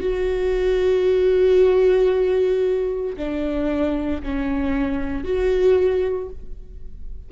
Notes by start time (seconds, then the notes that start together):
0.00 F#4
3.16 D4
4.22 C#4
5.24 F#4